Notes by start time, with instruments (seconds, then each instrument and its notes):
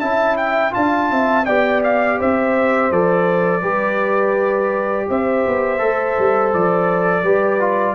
0.00 tuba C#4, trombone E4, horn E5, trumpet A5
0.37 trumpet G5
0.71 tuba D4, trombone F4, horn F5, trumpet A5
1.11 tuba C4, horn E5
1.45 tuba B3, trombone G4, horn D5, trumpet G5
1.83 trumpet F5
2.18 tuba C4, horn C5, trumpet E5
2.91 tuba F3, trombone A4, trumpet D5
3.61 tuba G3, trombone G4, horn B4
5.08 tuba C4, horn C5, trumpet E5
5.47 tuba B3
5.78 tuba A3, trombone A4
6.19 tuba G3
6.53 tuba F3, trumpet D5
7.23 tuba G3, trombone G4, horn B4
7.60 trombone F4